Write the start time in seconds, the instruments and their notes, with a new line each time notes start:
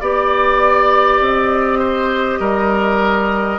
0.00 bassoon B3, clarinet G4, oboe D5, flute D5
1.20 bassoon C4, flute D#5
1.79 oboe C5
2.39 bassoon G3, oboe A#4